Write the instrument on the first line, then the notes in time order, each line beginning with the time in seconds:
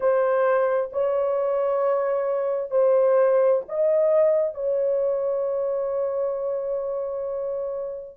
horn
0.00 C5
0.92 C#5
2.70 C5
3.68 D#5
4.54 C#5